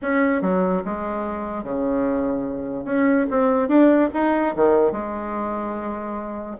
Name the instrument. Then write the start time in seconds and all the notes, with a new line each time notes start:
bassoon
0.02 C#4
0.41 F#3
0.84 G#3
1.63 C#3
2.84 C#4
3.30 C4
3.68 D4
4.13 D#4
4.55 D#3
4.92 G#3